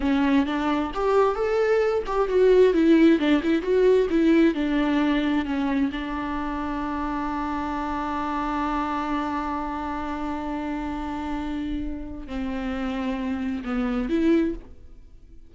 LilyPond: \new Staff \with { instrumentName = "viola" } { \time 4/4 \tempo 4 = 132 cis'4 d'4 g'4 a'4~ | a'8 g'8 fis'4 e'4 d'8 e'8 | fis'4 e'4 d'2 | cis'4 d'2.~ |
d'1~ | d'1~ | d'2. c'4~ | c'2 b4 e'4 | }